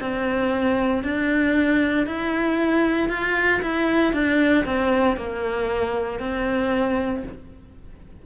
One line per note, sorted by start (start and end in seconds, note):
0.00 1.03 C4
1.03 2.06 D4
2.06 3.09 E4
3.09 3.61 F4
3.62 4.13 E4
4.13 4.65 D4
4.65 5.16 C4
5.16 6.19 A#3
6.19 7.23 C4